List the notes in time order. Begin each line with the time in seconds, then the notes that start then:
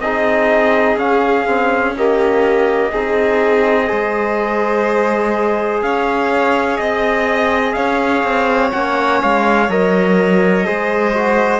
0.00 C4 D#4 G#4 D#5
0.97 C#4 F5
1.46 C4
1.95 A#3 G4 D#5
2.92 C4 D#4 G#4
3.87 G#3 G#4 C5
5.82 C#4 C#5 F5
6.77 C4 D#5
7.73 C#4 C#5 F5
8.23 C4
8.72 A#3 C#4 F#5
9.22 G#3 F5
9.69 F#3 A#4 D#5
10.65 G#3 G#4 C5
11.14 F#4